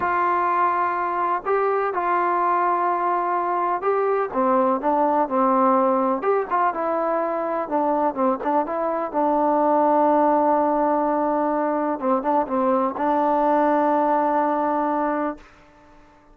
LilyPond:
\new Staff \with { instrumentName = "trombone" } { \time 4/4 \tempo 4 = 125 f'2. g'4 | f'1 | g'4 c'4 d'4 c'4~ | c'4 g'8 f'8 e'2 |
d'4 c'8 d'8 e'4 d'4~ | d'1~ | d'4 c'8 d'8 c'4 d'4~ | d'1 | }